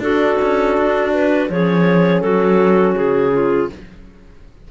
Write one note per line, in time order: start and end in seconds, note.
0.00 0.37 D4
0.00 1.51 D4
0.00 1.49 F#4
0.00 1.11 A4
0.42 0.78 C#4
0.78 1.50 D4
1.13 1.50 B4
1.50 2.22 F3
1.50 3.71 C#4
1.50 2.23 G#4
1.50 2.21 C#5
2.21 2.95 F#3
2.21 3.33 F#4
2.21 2.94 A4
2.96 3.71 C#3
2.96 3.69 G#4
3.33 3.70 F4